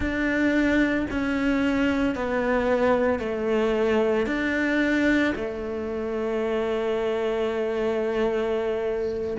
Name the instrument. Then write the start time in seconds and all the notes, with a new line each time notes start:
cello
0.00 D4
1.10 C#4
2.15 B3
3.19 A3
4.26 D4
5.35 A3